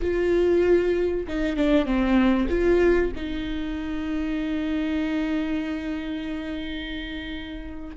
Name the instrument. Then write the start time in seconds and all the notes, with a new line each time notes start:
viola
0.01 F4
1.27 D#4
1.56 D4
1.85 C4
2.49 F4
3.15 D#4